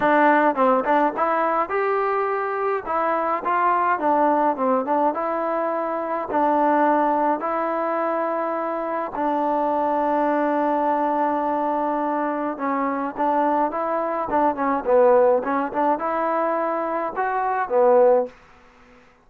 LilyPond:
\new Staff \with { instrumentName = "trombone" } { \time 4/4 \tempo 4 = 105 d'4 c'8 d'8 e'4 g'4~ | g'4 e'4 f'4 d'4 | c'8 d'8 e'2 d'4~ | d'4 e'2. |
d'1~ | d'2 cis'4 d'4 | e'4 d'8 cis'8 b4 cis'8 d'8 | e'2 fis'4 b4 | }